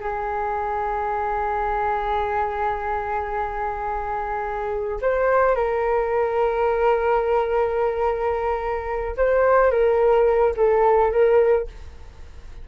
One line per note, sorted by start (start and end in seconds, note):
0.00 5.00 G#4
5.01 5.55 C5
5.55 9.16 A#4
9.17 9.71 C5
9.71 10.54 A#4
10.57 11.11 A4
11.11 11.67 A#4